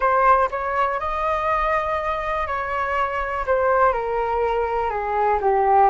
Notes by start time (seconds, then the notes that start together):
0.00 C5
0.51 C#5
0.99 D#5
2.46 C#5
3.46 C5
3.93 A#4
4.90 G#4
5.41 G4